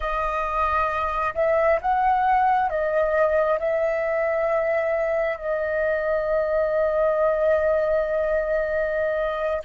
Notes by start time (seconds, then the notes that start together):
0.00 D#5
1.34 E5
1.81 F#5
2.69 D#5
3.59 E5
5.37 D#5